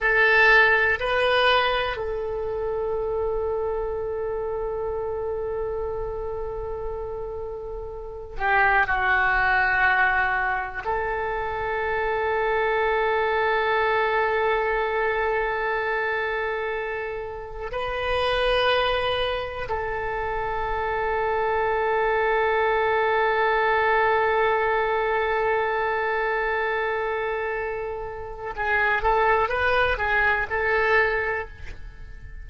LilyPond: \new Staff \with { instrumentName = "oboe" } { \time 4/4 \tempo 4 = 61 a'4 b'4 a'2~ | a'1~ | a'8 g'8 fis'2 a'4~ | a'1~ |
a'2 b'2 | a'1~ | a'1~ | a'4 gis'8 a'8 b'8 gis'8 a'4 | }